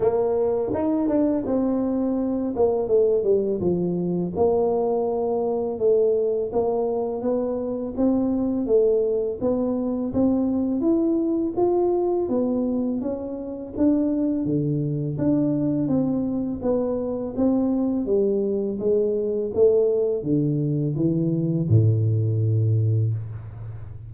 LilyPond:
\new Staff \with { instrumentName = "tuba" } { \time 4/4 \tempo 4 = 83 ais4 dis'8 d'8 c'4. ais8 | a8 g8 f4 ais2 | a4 ais4 b4 c'4 | a4 b4 c'4 e'4 |
f'4 b4 cis'4 d'4 | d4 d'4 c'4 b4 | c'4 g4 gis4 a4 | d4 e4 a,2 | }